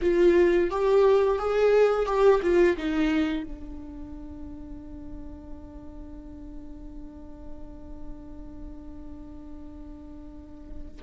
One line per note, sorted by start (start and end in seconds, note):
0.01 0.70 F4
0.70 1.39 G4
1.39 2.06 G#4
2.06 2.40 G4
2.42 2.76 F4
2.77 3.43 D#4
3.43 11.01 D4